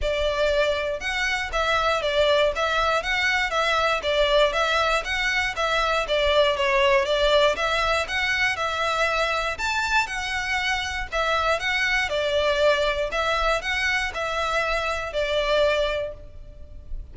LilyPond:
\new Staff \with { instrumentName = "violin" } { \time 4/4 \tempo 4 = 119 d''2 fis''4 e''4 | d''4 e''4 fis''4 e''4 | d''4 e''4 fis''4 e''4 | d''4 cis''4 d''4 e''4 |
fis''4 e''2 a''4 | fis''2 e''4 fis''4 | d''2 e''4 fis''4 | e''2 d''2 | }